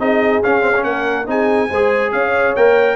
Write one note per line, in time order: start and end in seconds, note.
0.00 0.43 C4
0.00 0.43 D#4
0.00 0.85 G#4
0.00 0.43 D#5
0.44 0.84 C#4
0.44 0.61 C#4
0.44 0.84 F5
0.61 0.72 C4
0.76 1.27 C#4
0.84 1.27 A#3
0.84 1.30 A#4
0.84 1.27 F#5
1.27 1.70 C4
1.27 1.69 D#4
1.27 1.69 G#4
1.27 2.12 G#5
1.69 2.13 G#3
1.69 2.57 G#4
1.69 2.12 C5
2.12 2.55 C#4
2.12 2.97 C#5
2.12 2.55 F5
2.56 2.97 A#3
2.56 2.97 A#4
2.56 2.97 G5